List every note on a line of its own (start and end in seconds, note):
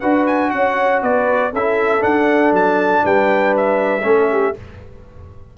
0.00 0.53 D4
0.00 1.53 F#4
0.00 0.51 B4
0.00 0.25 F#5
0.27 0.51 G#5
0.51 1.03 C#4
0.51 1.03 C#5
0.51 1.01 F#5
1.03 1.53 B3
1.03 1.53 B4
1.03 1.53 D5
1.53 2.03 C#4
1.53 2.01 E4
1.53 3.04 A4
1.53 2.03 E5
2.01 4.02 D4
2.01 2.52 D4
2.01 2.53 F#5
2.52 3.03 F#3
2.52 3.06 A5
3.04 4.04 G3
3.04 4.05 B4
3.04 3.56 G5
3.57 4.58 E5
4.03 4.54 A3
4.03 4.54 C#4
4.03 4.31 A4
4.31 4.57 G4